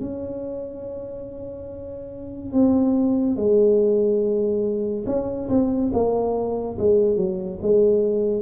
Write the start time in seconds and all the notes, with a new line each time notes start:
0.00 C#4
2.52 C4
3.36 G#3
5.06 C#4
5.49 C4
5.93 A#3
6.78 G#3
7.16 F#3
7.61 G#3